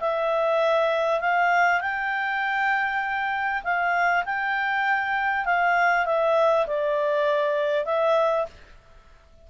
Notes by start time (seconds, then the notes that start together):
0.00 E5
1.21 F5
1.81 G5
3.64 F5
4.25 G5
5.45 F5
6.06 E5
6.67 D5
7.85 E5